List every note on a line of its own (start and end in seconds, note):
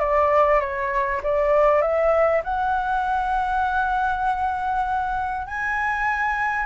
0.00 0.61 D5
0.61 1.21 C#5
1.24 1.82 D5
1.82 2.42 E5
2.44 5.47 F#5
5.47 6.66 G#5